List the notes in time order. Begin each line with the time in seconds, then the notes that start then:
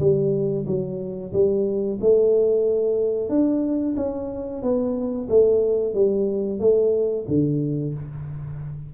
0.00 G3
0.67 F#3
1.33 G3
2.01 A3
3.30 D4
3.97 C#4
4.63 B3
5.30 A3
5.95 G3
6.60 A3
7.28 D3